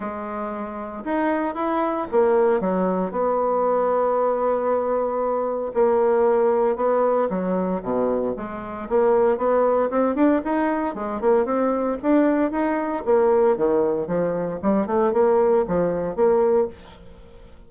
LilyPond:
\new Staff \with { instrumentName = "bassoon" } { \time 4/4 \tempo 4 = 115 gis2 dis'4 e'4 | ais4 fis4 b2~ | b2. ais4~ | ais4 b4 fis4 b,4 |
gis4 ais4 b4 c'8 d'8 | dis'4 gis8 ais8 c'4 d'4 | dis'4 ais4 dis4 f4 | g8 a8 ais4 f4 ais4 | }